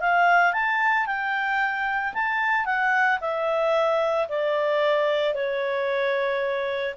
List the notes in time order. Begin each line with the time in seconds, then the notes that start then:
0.00 F5
0.53 A5
1.06 G5
2.14 A5
2.65 F#5
3.20 E5
4.28 D5
5.34 C#5